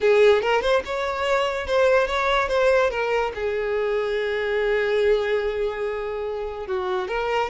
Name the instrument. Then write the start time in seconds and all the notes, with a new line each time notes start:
violin
0.01 G#4
0.41 A#4
0.61 C5
0.85 C#5
1.67 C5
2.07 C#5
2.48 C5
2.90 A#4
3.34 G#4
6.66 F#4
7.07 A#4